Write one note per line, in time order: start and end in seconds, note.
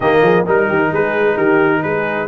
0.00 0.22 D#3
0.00 0.46 A#3
0.00 0.21 G4
0.00 0.45 D#5
0.22 0.44 F3
0.22 0.44 G#4
0.44 0.68 G3
0.44 2.27 D#4
0.44 0.67 A#4
0.44 0.94 A#4
0.68 0.91 D#3
0.68 0.91 G4
0.92 1.36 G#3
0.92 1.35 G#4
0.92 1.37 B4
1.35 1.82 D#3
1.35 1.81 G4
1.35 1.82 A#4
1.82 2.27 G#3
1.82 2.27 G#4
1.82 2.27 B4